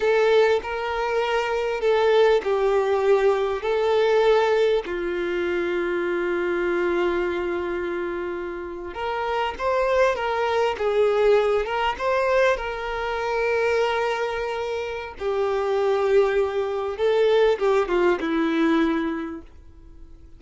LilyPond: \new Staff \with { instrumentName = "violin" } { \time 4/4 \tempo 4 = 99 a'4 ais'2 a'4 | g'2 a'2 | f'1~ | f'2~ f'8. ais'4 c''16~ |
c''8. ais'4 gis'4. ais'8 c''16~ | c''8. ais'2.~ ais'16~ | ais'4 g'2. | a'4 g'8 f'8 e'2 | }